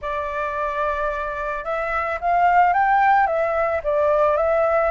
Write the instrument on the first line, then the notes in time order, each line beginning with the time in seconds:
flute
0.01 D5
1.64 E5
2.20 F5
2.73 G5
3.26 E5
3.83 D5
4.36 E5